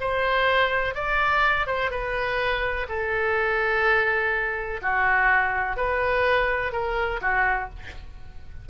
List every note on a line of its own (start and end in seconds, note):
0.00 0.94 C5
0.94 1.66 D5
1.66 1.90 C5
1.90 2.86 B4
2.88 4.80 A4
4.81 5.76 F#4
5.76 6.72 B4
6.72 7.20 A#4
7.21 7.69 F#4